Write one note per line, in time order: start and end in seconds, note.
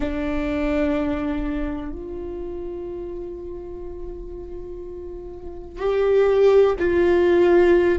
0.00 1.92 D4
1.92 5.78 F4
5.78 6.75 G4
6.79 7.98 F4